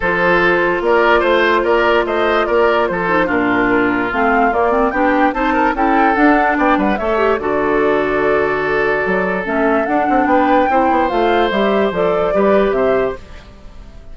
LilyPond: <<
  \new Staff \with { instrumentName = "flute" } { \time 4/4 \tempo 4 = 146 c''2 d''4 c''4 | d''4 dis''4 d''4 c''4 | ais'2 f''4 d''4 | g''4 a''4 g''4 fis''4 |
g''8 fis''8 e''4 d''2~ | d''2. e''4 | fis''4 g''2 f''4 | e''4 d''2 e''4 | }
  \new Staff \with { instrumentName = "oboe" } { \time 4/4 a'2 ais'4 c''4 | ais'4 c''4 ais'4 a'4 | f'1 | g'4 c''8 ais'8 a'2 |
d''8 b'8 cis''4 a'2~ | a'1~ | a'4 b'4 c''2~ | c''2 b'4 c''4 | }
  \new Staff \with { instrumentName = "clarinet" } { \time 4/4 f'1~ | f'2.~ f'8 dis'8 | d'2 c'4 ais8 c'8 | d'4 dis'4 e'4 d'4~ |
d'4 a'8 g'8 fis'2~ | fis'2. cis'4 | d'2 e'4 f'4 | g'4 a'4 g'2 | }
  \new Staff \with { instrumentName = "bassoon" } { \time 4/4 f2 ais4 a4 | ais4 a4 ais4 f4 | ais,2 a4 ais4 | b4 c'4 cis'4 d'4 |
b8 g8 a4 d2~ | d2 fis4 a4 | d'8 c'8 b4 c'8 b8 a4 | g4 f4 g4 c4 | }
>>